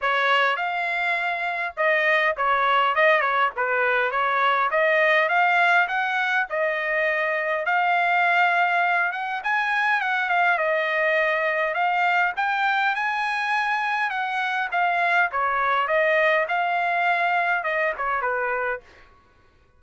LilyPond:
\new Staff \with { instrumentName = "trumpet" } { \time 4/4 \tempo 4 = 102 cis''4 f''2 dis''4 | cis''4 dis''8 cis''8 b'4 cis''4 | dis''4 f''4 fis''4 dis''4~ | dis''4 f''2~ f''8 fis''8 |
gis''4 fis''8 f''8 dis''2 | f''4 g''4 gis''2 | fis''4 f''4 cis''4 dis''4 | f''2 dis''8 cis''8 b'4 | }